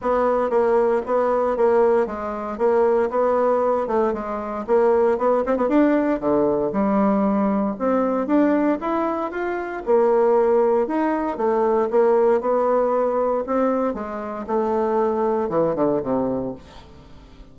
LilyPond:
\new Staff \with { instrumentName = "bassoon" } { \time 4/4 \tempo 4 = 116 b4 ais4 b4 ais4 | gis4 ais4 b4. a8 | gis4 ais4 b8 c'16 b16 d'4 | d4 g2 c'4 |
d'4 e'4 f'4 ais4~ | ais4 dis'4 a4 ais4 | b2 c'4 gis4 | a2 e8 d8 c4 | }